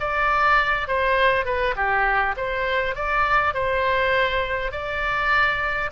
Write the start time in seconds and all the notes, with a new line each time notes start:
0.00 D5
0.88 C5
1.45 B4
1.76 G4
2.37 C5
2.95 D5
3.54 C5
4.71 D5